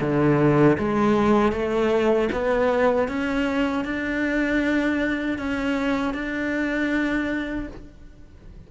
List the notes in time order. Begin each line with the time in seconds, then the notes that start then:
0.00 D3
0.78 G#3
1.52 A3
2.32 B3
3.08 C#4
3.84 D4
5.38 C#4
6.13 D4